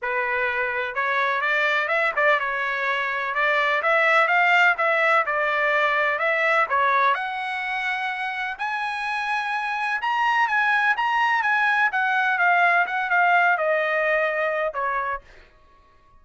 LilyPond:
\new Staff \with { instrumentName = "trumpet" } { \time 4/4 \tempo 4 = 126 b'2 cis''4 d''4 | e''8 d''8 cis''2 d''4 | e''4 f''4 e''4 d''4~ | d''4 e''4 cis''4 fis''4~ |
fis''2 gis''2~ | gis''4 ais''4 gis''4 ais''4 | gis''4 fis''4 f''4 fis''8 f''8~ | f''8 dis''2~ dis''8 cis''4 | }